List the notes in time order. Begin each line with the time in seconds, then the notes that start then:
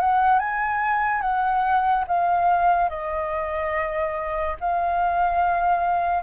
0.00 F#5
0.39 G#5
1.21 F#5
2.07 F5
2.89 D#5
4.60 F5